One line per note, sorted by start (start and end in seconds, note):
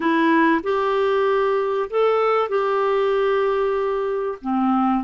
0.00 0.61 E4
0.63 1.89 G4
1.89 2.48 A4
2.48 4.38 G4
4.41 5.04 C4